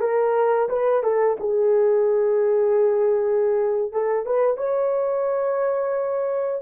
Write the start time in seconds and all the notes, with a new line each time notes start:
0.00 A#4
0.69 B4
1.03 A4
1.40 G#4
3.92 A4
4.26 B4
4.57 C#5